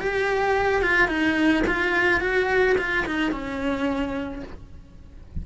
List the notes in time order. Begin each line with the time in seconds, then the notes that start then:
0.00 G4
0.83 F4
1.08 D#4
1.68 F4
2.21 F#4
2.79 F4
3.06 D#4
3.32 C#4